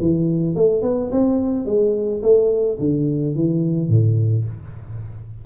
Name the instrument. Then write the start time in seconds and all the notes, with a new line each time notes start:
tuba
0.00 E3
0.55 A3
0.82 B3
1.11 C4
1.65 G#3
2.22 A3
2.79 D3
3.35 E3
3.89 A2